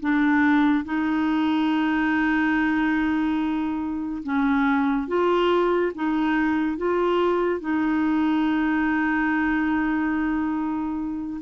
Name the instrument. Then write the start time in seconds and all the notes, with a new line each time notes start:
clarinet
0.00 D4
0.85 D#4
4.23 C#4
5.07 F4
5.95 D#4
6.77 F4
7.61 D#4